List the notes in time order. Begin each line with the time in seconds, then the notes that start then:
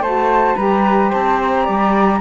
0.00 A3 F#4 C5 A5
0.55 G3 G4 B4 A#5
1.09 C4 C5 A5
1.42 A#5
1.63 G3 D5